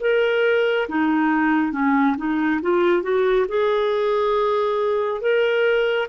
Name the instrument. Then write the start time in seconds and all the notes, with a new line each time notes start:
clarinet
0.00 A#4
0.88 D#4
1.72 C#4
2.17 D#4
2.61 F4
3.02 F#4
3.48 G#4
5.21 A#4